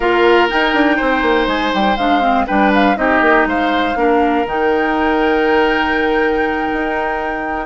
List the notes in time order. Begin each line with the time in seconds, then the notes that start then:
0.00 A#3 F4 A#4 F5
0.48 D#4 G5
0.73 D4
0.97 C4 C5
1.22 A#3
1.46 G#3 G#5
1.74 G3 G5
1.97 G#3 D4 F5
2.21 C4
2.46 G3 D4 B4 G5
2.74 F5
2.95 C4 D#4 G4 D#5
3.21 A#3
3.45 G#3 C5 F5
3.95 A#3 D4 A#4
4.46 D#3 D#4 G5
6.73 D#4